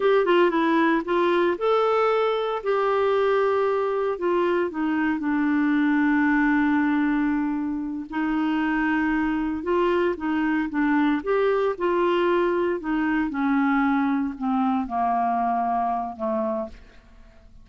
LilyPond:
\new Staff \with { instrumentName = "clarinet" } { \time 4/4 \tempo 4 = 115 g'8 f'8 e'4 f'4 a'4~ | a'4 g'2. | f'4 dis'4 d'2~ | d'2.~ d'8 dis'8~ |
dis'2~ dis'8 f'4 dis'8~ | dis'8 d'4 g'4 f'4.~ | f'8 dis'4 cis'2 c'8~ | c'8 ais2~ ais8 a4 | }